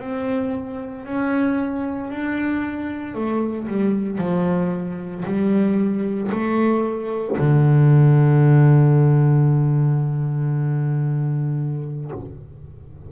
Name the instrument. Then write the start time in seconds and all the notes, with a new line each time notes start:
double bass
0.00 C4
1.05 C#4
2.11 D4
3.15 A3
3.68 G3
4.19 F3
5.25 G3
6.32 A3
7.38 D3